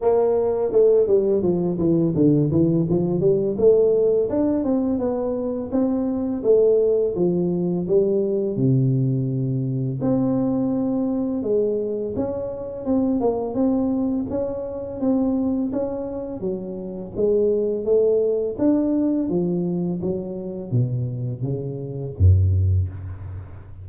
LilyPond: \new Staff \with { instrumentName = "tuba" } { \time 4/4 \tempo 4 = 84 ais4 a8 g8 f8 e8 d8 e8 | f8 g8 a4 d'8 c'8 b4 | c'4 a4 f4 g4 | c2 c'2 |
gis4 cis'4 c'8 ais8 c'4 | cis'4 c'4 cis'4 fis4 | gis4 a4 d'4 f4 | fis4 b,4 cis4 fis,4 | }